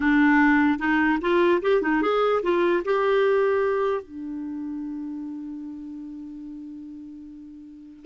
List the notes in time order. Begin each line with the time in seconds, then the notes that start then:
0.00 D4
0.78 D#4
1.21 F4
1.61 G4
1.82 D#4
2.02 G#4
2.43 F4
2.84 G4
4.02 D4